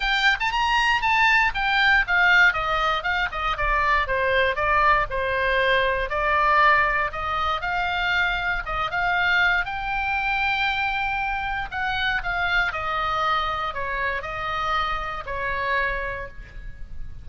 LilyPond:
\new Staff \with { instrumentName = "oboe" } { \time 4/4 \tempo 4 = 118 g''8. a''16 ais''4 a''4 g''4 | f''4 dis''4 f''8 dis''8 d''4 | c''4 d''4 c''2 | d''2 dis''4 f''4~ |
f''4 dis''8 f''4. g''4~ | g''2. fis''4 | f''4 dis''2 cis''4 | dis''2 cis''2 | }